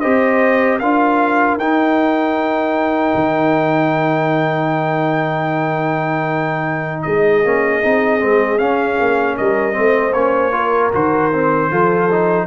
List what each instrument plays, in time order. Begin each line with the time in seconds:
0.00 tuba C4, trombone G4, horn C5, trumpet D#5
0.78 tuba D4, trombone F4, horn A#4, trumpet F5
1.57 tuba D#4, trombone D#4, trumpet G5
3.14 tuba D#3
7.02 tuba G#3, horn G#4, trumpet D#5
7.44 tuba A#3, trombone C#4
7.82 tuba C4, trombone D#4
8.19 tuba G#3, trombone C4
8.57 tuba C#4, trombone C#4, trumpet F5
9.00 tuba A#3
9.37 tuba G3, horn A#4, trumpet D#5
9.72 tuba A3, trombone C4, horn C5
10.13 tuba A#3, trombone C#4, trumpet C#5
10.52 trombone F4, horn A#4
10.92 tuba D#3, trombone F#4, trumpet C5
11.31 trombone C4
11.71 tuba F3, trombone F4, horn A4
12.11 trombone D#4